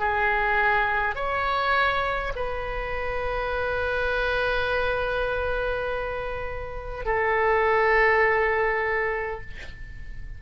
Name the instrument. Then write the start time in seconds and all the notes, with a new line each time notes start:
oboe
0.00 G#4
1.15 C#5
2.36 B4
7.05 A4